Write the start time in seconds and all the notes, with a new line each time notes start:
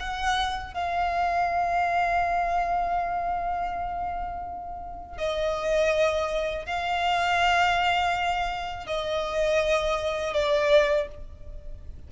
0.00 F#5
0.74 F5
5.18 D#5
6.66 F5
8.87 D#5
10.34 D5